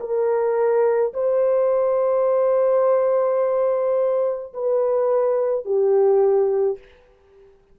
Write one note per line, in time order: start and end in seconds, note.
0.00 1.13 A#4
1.14 4.53 C5
4.54 5.66 B4
5.66 6.79 G4